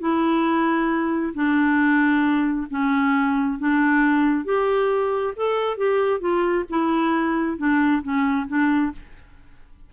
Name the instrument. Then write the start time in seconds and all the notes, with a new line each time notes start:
clarinet
0.00 E4
1.34 D4
2.71 C#4
3.59 D4
4.45 G4
5.36 A4
5.78 G4
6.20 F4
6.70 E4
7.58 D4
8.03 C#4
8.48 D4